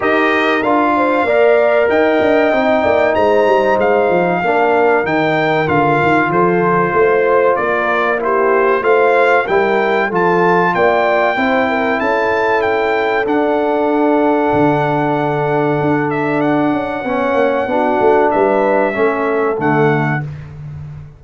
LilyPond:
<<
  \new Staff \with { instrumentName = "trumpet" } { \time 4/4 \tempo 4 = 95 dis''4 f''2 g''4~ | g''4 ais''4 f''2 | g''4 f''4 c''2 | d''4 c''4 f''4 g''4 |
a''4 g''2 a''4 | g''4 fis''2.~ | fis''4. e''8 fis''2~ | fis''4 e''2 fis''4 | }
  \new Staff \with { instrumentName = "horn" } { \time 4/4 ais'4. c''8 d''4 dis''4~ | dis''8 d''8 c''2 ais'4~ | ais'2 a'4 c''4 | ais'4 g'4 c''4 ais'4 |
a'4 d''4 c''8 ais'8 a'4~ | a'1~ | a'2. cis''4 | fis'4 b'4 a'2 | }
  \new Staff \with { instrumentName = "trombone" } { \time 4/4 g'4 f'4 ais'2 | dis'2. d'4 | dis'4 f'2.~ | f'4 e'4 f'4 e'4 |
f'2 e'2~ | e'4 d'2.~ | d'2. cis'4 | d'2 cis'4 a4 | }
  \new Staff \with { instrumentName = "tuba" } { \time 4/4 dis'4 d'4 ais4 dis'8 d'8 | c'8 ais8 gis8 g8 gis8 f8 ais4 | dis4 d8 dis8 f4 a4 | ais2 a4 g4 |
f4 ais4 c'4 cis'4~ | cis'4 d'2 d4~ | d4 d'4. cis'8 b8 ais8 | b8 a8 g4 a4 d4 | }
>>